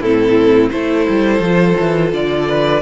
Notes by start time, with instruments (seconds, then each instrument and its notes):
0.00 cello A2, viola C4, violin E4 A4
0.70 cello A3, viola E4, violin A4 C5
1.09 cello G3
1.40 cello F3
1.46 viola F4
1.80 cello E3
2.12 cello D3, violin D5
2.48 violin B4